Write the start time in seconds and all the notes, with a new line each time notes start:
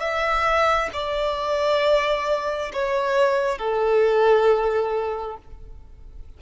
0.00 E5
0.93 D5
2.73 C#5
3.58 A4